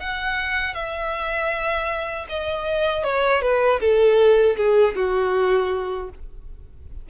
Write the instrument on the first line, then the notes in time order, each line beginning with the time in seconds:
violin
0.00 F#5
0.75 E5
2.29 D#5
3.04 C#5
3.42 B4
3.80 A4
4.57 G#4
4.96 F#4